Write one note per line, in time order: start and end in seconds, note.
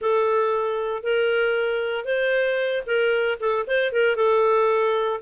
0.01 1.03 A4
1.03 2.05 A#4
2.05 2.83 C5
2.86 3.38 A#4
3.39 3.65 A4
3.67 3.92 C5
3.92 4.15 A#4
4.15 5.20 A4